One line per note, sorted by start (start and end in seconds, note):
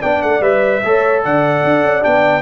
0.00 0.23 B3
0.00 0.41 D4
0.00 0.81 D5
0.00 0.22 G5
0.22 0.41 A3
0.22 0.42 F#5
0.41 0.81 G3
0.41 0.82 B4
0.41 1.23 E5
0.84 1.25 A3
0.84 2.02 A4
0.84 1.24 C#5
1.24 1.64 D3
1.24 2.42 D5
1.24 2.04 F#5
1.64 1.83 D4
1.83 2.03 C#4
2.02 2.42 B3
2.02 2.42 D4
2.02 2.42 G5